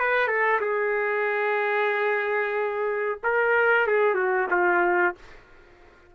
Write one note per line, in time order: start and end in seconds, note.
0.00 0.28 B4
0.28 0.60 A4
0.61 3.19 G#4
3.24 3.87 A#4
3.87 4.15 G#4
4.15 4.48 F#4
4.51 5.16 F4